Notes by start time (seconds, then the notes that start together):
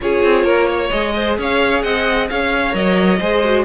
0.01 C#4 F4 G#4 C#5
0.23 C4
0.43 A#3 A#4
0.67 C#5
0.89 G#3 G#4 D#5
1.15 C5
1.38 C#4 C#5 F5
1.82 C4 D#5 F#5
2.29 C#4 C#5 F5
2.71 F#3 A#4 D#5
3.19 G#3 G#4 C5
3.44 F#4